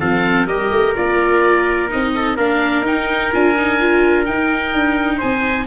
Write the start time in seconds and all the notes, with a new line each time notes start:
0.00 F3 C4 A4 F5
0.46 G3 G4 A#4 D#5
0.71 A3
0.95 A#3 F4 D5
1.89 C4 D#4 D#5
2.15 A4
2.37 A#3 D4 A#4 F5
2.81 D#4 G5
3.32 D4 F4 G#5
3.57 D#4
3.80 F4
4.25 D#4 G5
4.74 D4
5.18 C4 C5 G#5